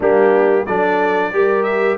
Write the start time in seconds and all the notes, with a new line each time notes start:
0.00 G3 A#3 D4 G4
0.66 F#3 D4 A4 D5
1.32 G3 G4 A#4
1.63 E5